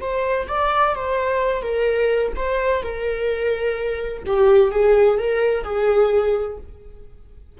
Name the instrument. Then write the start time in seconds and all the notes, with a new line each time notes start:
viola
0.00 C5
0.48 D5
0.95 C5
1.62 A#4
2.35 C5
2.82 A#4
4.26 G4
4.71 G#4
5.18 A#4
5.64 G#4